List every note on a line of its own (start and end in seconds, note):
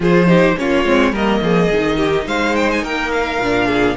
0.00 0.54 F3
0.00 0.26 F4
0.00 0.28 G#4
0.00 0.58 C5
0.26 0.55 D#4
0.26 0.56 G4
0.57 0.85 A#3
0.57 0.85 C#4
0.57 1.11 F4
0.57 1.14 C#5
0.85 1.11 G#3
0.85 1.13 C4
1.11 1.39 G3
1.11 1.70 A#3
1.11 1.40 A#4
1.11 2.27 D#5
1.41 1.69 F3
1.41 1.96 G#4
1.70 2.26 D#3
1.70 3.42 D#4
1.96 2.25 G4
2.26 2.82 G#3
2.26 2.82 C5
2.26 2.55 F5
2.55 2.69 G5
2.71 2.84 G#5
2.82 3.38 A#3
2.82 3.67 A#4
2.82 3.11 G5
3.11 3.96 F5
3.38 3.95 A#2
3.38 3.97 D4
3.67 3.95 G#4